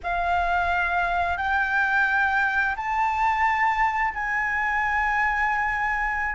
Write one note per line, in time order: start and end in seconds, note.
0.03 1.37 F5
1.37 2.75 G5
2.76 4.13 A5
4.13 6.35 G#5